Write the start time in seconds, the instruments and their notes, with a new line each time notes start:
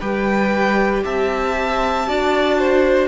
0.00 cello G3, viola G4, violin B4 G5
1.05 cello C4, violin E5 A5
2.07 cello D4, viola F#4, violin D5
2.59 violin C5